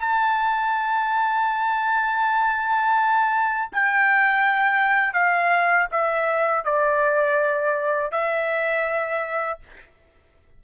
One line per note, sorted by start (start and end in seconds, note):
0.00 3.70 A5
3.73 5.14 G5
5.14 5.88 F5
5.92 6.65 E5
6.65 8.12 D5
8.12 9.60 E5